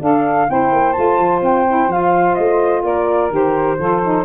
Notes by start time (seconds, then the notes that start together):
0.00 D4 A4 F5
0.48 C4 E4 C5 G5
0.73 A#3
0.93 A3 F4 A5
1.19 F3
1.42 C4 G5
1.67 E4
1.87 F3 F4 F5
2.35 A3 D#5
2.83 A#3 A#4 D5
3.31 D#3 G4 C5
3.79 F3 F4 A4
4.03 D#4